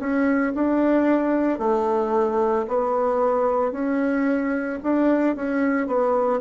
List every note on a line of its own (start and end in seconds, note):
0.00 0.54 C#4
0.55 1.59 D4
1.59 2.66 A3
2.68 3.73 B3
3.73 4.80 C#4
4.83 5.36 D4
5.36 5.87 C#4
5.87 6.41 B3